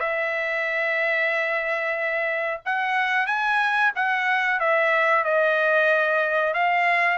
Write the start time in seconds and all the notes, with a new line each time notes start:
0.00 E5
2.66 F#5
3.27 G#5
3.95 F#5
4.60 E5
5.24 D#5
6.54 F5